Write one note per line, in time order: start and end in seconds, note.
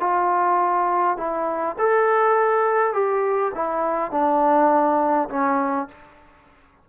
0.00 1.17 F4
1.17 1.76 E4
1.78 2.93 A4
2.93 3.52 G4
3.55 4.11 E4
4.11 5.29 D4
5.29 5.88 C#4